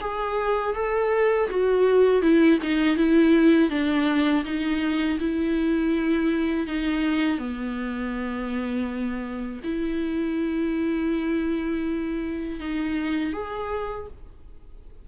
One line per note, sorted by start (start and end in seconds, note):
0.00 0.74 G#4
0.74 1.48 A4
1.49 2.21 F#4
2.21 2.58 E4
2.62 2.96 D#4
2.96 3.70 E4
3.70 4.44 D4
4.44 5.18 D#4
5.19 6.67 E4
6.67 7.38 D#4
7.38 9.60 B3
9.63 12.59 E4
12.59 13.33 D#4
13.33 14.07 G#4